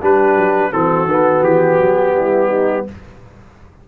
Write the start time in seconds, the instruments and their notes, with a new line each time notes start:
0.00 tuba G3, trombone D4, horn G4, trumpet B4
0.36 tuba F#3
0.73 tuba E3, trombone C4, horn F#4, trumpet A4
1.06 tuba D#3, trombone B3
1.43 tuba E3, trumpet G4
1.79 tuba F#3
2.15 tuba G3, horn E4
2.49 horn D#4